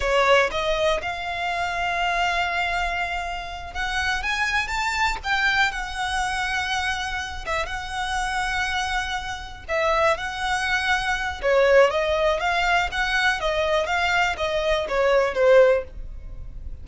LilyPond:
\new Staff \with { instrumentName = "violin" } { \time 4/4 \tempo 4 = 121 cis''4 dis''4 f''2~ | f''2.~ f''8 fis''8~ | fis''8 gis''4 a''4 g''4 fis''8~ | fis''2. e''8 fis''8~ |
fis''2.~ fis''8 e''8~ | e''8 fis''2~ fis''8 cis''4 | dis''4 f''4 fis''4 dis''4 | f''4 dis''4 cis''4 c''4 | }